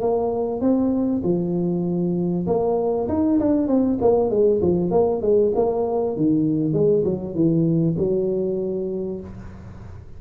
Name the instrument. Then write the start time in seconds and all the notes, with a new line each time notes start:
tuba
0.00 A#3
0.60 C4
1.23 F3
2.46 A#3
3.08 D#4
3.39 D4
3.67 C4
4.01 A#3
4.30 G#3
4.61 F3
4.91 A#3
5.21 G#3
5.55 A#3
6.16 D#3
6.73 G#3
7.04 F#3
7.34 E3
7.98 F#3